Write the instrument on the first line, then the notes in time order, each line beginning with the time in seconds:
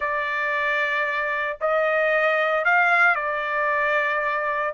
trumpet
0.00 D5
1.60 D#5
2.65 F5
3.15 D5